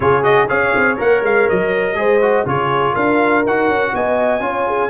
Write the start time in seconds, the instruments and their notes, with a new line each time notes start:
0.00 tuba C#3, trombone F4, horn G#4, trumpet C#5
0.23 trombone F#4, trumpet D#5
0.48 tuba C#4, trombone G#4, horn C#5, trumpet F5
0.75 tuba C4
0.97 tuba A#3, trombone A#4, trumpet F#5
1.22 tuba G#3, trumpet F5
1.49 tuba F#3, trumpet D#5
1.94 tuba G#3, trombone G#4, horn C5
2.21 trombone F#4
2.45 tuba C#3, trombone F4, horn G#4, trumpet C#5
2.93 tuba D4, horn A#4, trumpet F5
3.45 tuba D#4, trombone F#4, trumpet F#5
3.68 tuba C#4
3.94 tuba B3, horn D#5, trumpet G#5
4.40 tuba C#4, trombone F4, horn C#5
4.67 horn G#4